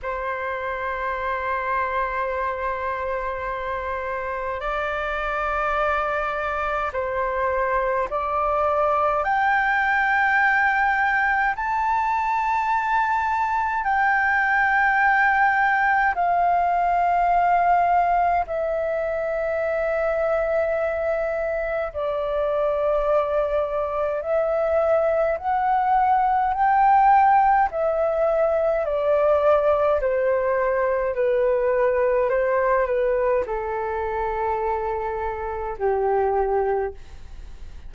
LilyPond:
\new Staff \with { instrumentName = "flute" } { \time 4/4 \tempo 4 = 52 c''1 | d''2 c''4 d''4 | g''2 a''2 | g''2 f''2 |
e''2. d''4~ | d''4 e''4 fis''4 g''4 | e''4 d''4 c''4 b'4 | c''8 b'8 a'2 g'4 | }